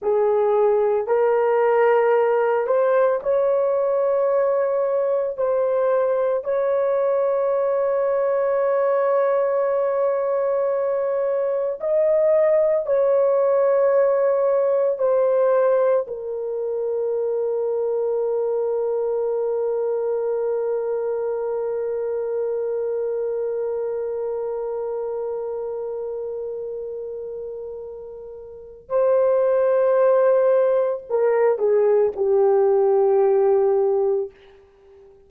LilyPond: \new Staff \with { instrumentName = "horn" } { \time 4/4 \tempo 4 = 56 gis'4 ais'4. c''8 cis''4~ | cis''4 c''4 cis''2~ | cis''2. dis''4 | cis''2 c''4 ais'4~ |
ais'1~ | ais'1~ | ais'2. c''4~ | c''4 ais'8 gis'8 g'2 | }